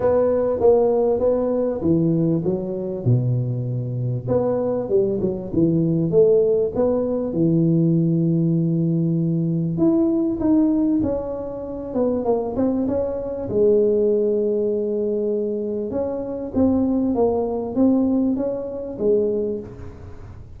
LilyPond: \new Staff \with { instrumentName = "tuba" } { \time 4/4 \tempo 4 = 98 b4 ais4 b4 e4 | fis4 b,2 b4 | g8 fis8 e4 a4 b4 | e1 |
e'4 dis'4 cis'4. b8 | ais8 c'8 cis'4 gis2~ | gis2 cis'4 c'4 | ais4 c'4 cis'4 gis4 | }